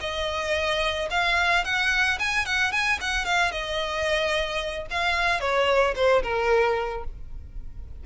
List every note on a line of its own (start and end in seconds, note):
0.00 1.08 D#5
1.10 1.64 F5
1.64 2.18 F#5
2.19 2.45 G#5
2.45 2.71 F#5
2.71 2.99 G#5
3.00 3.25 F#5
3.25 3.51 F5
3.51 4.86 D#5
4.90 5.40 F5
5.40 5.94 C#5
5.95 6.22 C5
6.23 7.04 A#4